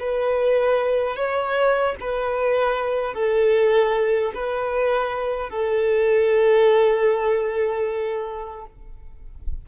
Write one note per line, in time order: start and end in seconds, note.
0.00 1.16 B4
1.16 1.95 C#5
2.00 3.14 B4
3.14 4.33 A4
4.35 5.50 B4
5.50 8.66 A4